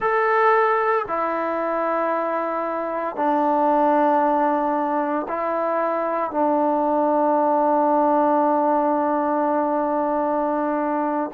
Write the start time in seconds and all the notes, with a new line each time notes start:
0.00 A4
1.08 E4
3.16 D4
5.28 E4
6.31 D4